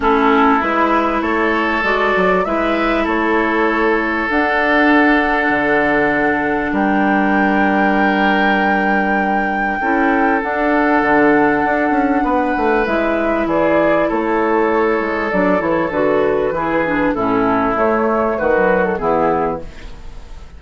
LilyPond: <<
  \new Staff \with { instrumentName = "flute" } { \time 4/4 \tempo 4 = 98 a'4 b'4 cis''4 d''4 | e''4 cis''2 fis''4~ | fis''2. g''4~ | g''1~ |
g''4 fis''2.~ | fis''4 e''4 d''4 cis''4~ | cis''4 d''8 cis''8 b'2 | a'4 cis''4 b'8. a'16 gis'4 | }
  \new Staff \with { instrumentName = "oboe" } { \time 4/4 e'2 a'2 | b'4 a'2.~ | a'2. ais'4~ | ais'1 |
a'1 | b'2 gis'4 a'4~ | a'2. gis'4 | e'2 fis'4 e'4 | }
  \new Staff \with { instrumentName = "clarinet" } { \time 4/4 cis'4 e'2 fis'4 | e'2. d'4~ | d'1~ | d'1 |
e'4 d'2.~ | d'4 e'2.~ | e'4 d'8 e'8 fis'4 e'8 d'8 | cis'4 a4~ a16 fis8. b4 | }
  \new Staff \with { instrumentName = "bassoon" } { \time 4/4 a4 gis4 a4 gis8 fis8 | gis4 a2 d'4~ | d'4 d2 g4~ | g1 |
cis'4 d'4 d4 d'8 cis'8 | b8 a8 gis4 e4 a4~ | a8 gis8 fis8 e8 d4 e4 | a,4 a4 dis4 e4 | }
>>